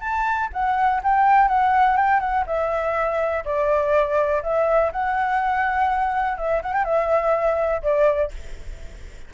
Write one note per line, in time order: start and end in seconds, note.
0.00 0.49 A5
0.52 1.01 F#5
1.03 1.47 G5
1.47 1.96 F#5
1.96 2.20 G5
2.20 2.44 F#5
2.46 3.44 E5
3.44 4.42 D5
4.43 4.91 E5
4.92 6.37 F#5
6.37 6.62 E5
6.62 6.73 F#5
6.73 6.84 G5
6.84 7.82 E5
7.82 8.31 D5